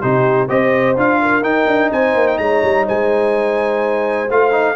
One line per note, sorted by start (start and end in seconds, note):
0.00 0.49 C3
0.00 0.48 D#4
0.00 0.48 G4
0.00 0.48 C5
0.48 0.97 C4
0.48 0.96 G4
0.48 1.19 C5
0.48 0.96 D#5
0.97 1.42 D4
0.97 1.42 F4
0.97 1.43 F5
1.22 1.90 A#4
1.42 1.66 D#4
1.42 4.28 D#4
1.42 1.91 G5
1.67 1.91 D4
1.90 2.14 C4
1.90 2.38 C5
1.90 2.27 G#5
2.14 2.37 A#3
2.27 2.38 G5
2.38 2.62 G#3
2.38 2.86 C#5
2.38 2.85 A#5
2.63 2.87 G3
2.86 4.30 G#3
2.86 4.76 C5
2.86 4.31 G#5
4.30 4.76 A3
4.30 4.51 F4
4.30 4.76 F5
4.51 4.75 D#4